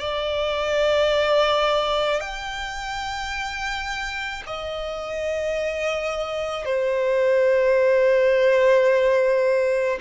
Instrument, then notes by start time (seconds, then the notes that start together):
violin
0.00 D5
2.21 G5
4.47 D#5
6.66 C5